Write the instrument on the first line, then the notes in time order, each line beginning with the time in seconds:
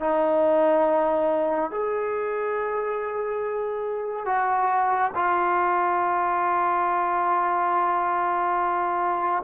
trombone
0.00 D#4
1.71 G#4
4.25 F#4
5.15 F4